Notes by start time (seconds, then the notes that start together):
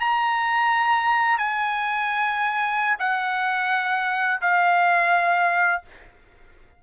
0.00 A#5
1.38 G#5
2.99 F#5
4.41 F5